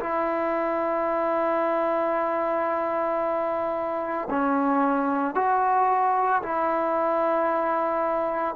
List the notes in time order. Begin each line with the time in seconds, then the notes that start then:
0.00 E4
4.30 C#4
5.35 F#4
6.43 E4